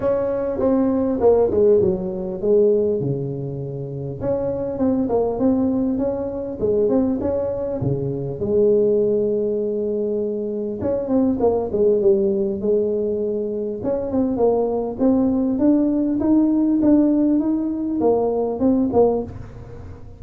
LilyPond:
\new Staff \with { instrumentName = "tuba" } { \time 4/4 \tempo 4 = 100 cis'4 c'4 ais8 gis8 fis4 | gis4 cis2 cis'4 | c'8 ais8 c'4 cis'4 gis8 c'8 | cis'4 cis4 gis2~ |
gis2 cis'8 c'8 ais8 gis8 | g4 gis2 cis'8 c'8 | ais4 c'4 d'4 dis'4 | d'4 dis'4 ais4 c'8 ais8 | }